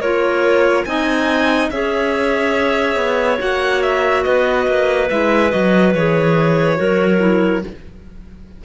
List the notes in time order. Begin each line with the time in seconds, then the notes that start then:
0.00 A#3 F4 A#4 C#5
0.85 C4 D#4 D#5 G#5
1.70 C#4 G#4 C#5 E5
2.96 B3
3.39 A#3 F#4 F#5
3.83 E5
4.24 B3 B4 D#5
4.67 A#3
5.10 G#3 E4 E5
5.50 F#3 F#4 D#5
5.95 E3 G#4 C#5
6.76 F#3 F#4 A#4
7.19 E4